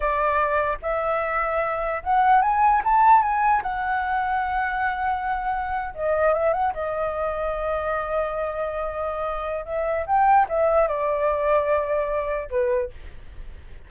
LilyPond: \new Staff \with { instrumentName = "flute" } { \time 4/4 \tempo 4 = 149 d''2 e''2~ | e''4 fis''4 gis''4 a''4 | gis''4 fis''2.~ | fis''2~ fis''8. dis''4 e''16~ |
e''16 fis''8 dis''2.~ dis''16~ | dis''1 | e''4 g''4 e''4 d''4~ | d''2. b'4 | }